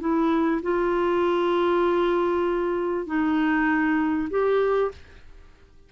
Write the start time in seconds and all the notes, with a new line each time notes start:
0.00 E4
0.63 F4
3.07 D#4
4.30 G4